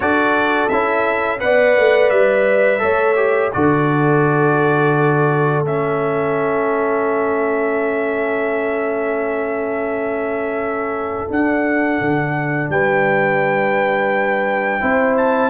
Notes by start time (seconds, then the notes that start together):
0.00 D4 F#4 A4 D5
0.68 C#4 E4 E5
1.39 B3 B4 D5 F#5
1.77 A3
2.10 G3 E5
2.79 A3 A4 C#5
3.16 G4
3.52 D3 F#4 A4 D5
5.61 A3 C#4 E5
11.28 D4 F#5
12.00 D3
12.69 G3 B4 G5
14.80 C4 E4 C5
15.17 A5